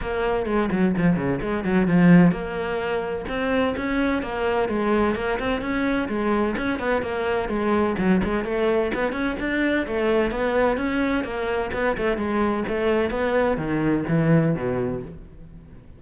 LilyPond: \new Staff \with { instrumentName = "cello" } { \time 4/4 \tempo 4 = 128 ais4 gis8 fis8 f8 cis8 gis8 fis8 | f4 ais2 c'4 | cis'4 ais4 gis4 ais8 c'8 | cis'4 gis4 cis'8 b8 ais4 |
gis4 fis8 gis8 a4 b8 cis'8 | d'4 a4 b4 cis'4 | ais4 b8 a8 gis4 a4 | b4 dis4 e4 b,4 | }